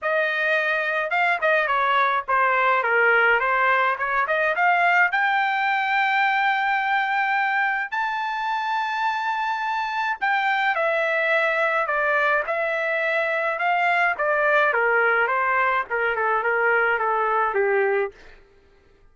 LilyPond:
\new Staff \with { instrumentName = "trumpet" } { \time 4/4 \tempo 4 = 106 dis''2 f''8 dis''8 cis''4 | c''4 ais'4 c''4 cis''8 dis''8 | f''4 g''2.~ | g''2 a''2~ |
a''2 g''4 e''4~ | e''4 d''4 e''2 | f''4 d''4 ais'4 c''4 | ais'8 a'8 ais'4 a'4 g'4 | }